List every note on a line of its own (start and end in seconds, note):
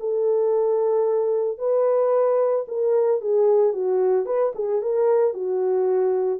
0.00 1.58 A4
1.58 2.65 B4
2.68 3.21 A#4
3.21 3.73 G#4
3.73 4.26 F#4
4.26 4.53 B4
4.55 4.82 G#4
4.82 5.34 A#4
5.34 6.39 F#4